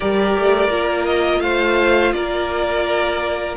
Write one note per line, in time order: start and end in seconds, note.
0.00 0.37 G3
0.00 0.70 G4
0.00 1.40 A#4
0.00 1.05 D5
0.38 0.68 A3
0.68 1.40 A#3
0.68 3.56 F4
1.05 1.40 D#5
1.40 2.12 A3
1.40 2.14 C5
1.40 2.12 F5
2.12 3.55 A#3
2.12 3.57 A#4
2.12 3.55 D5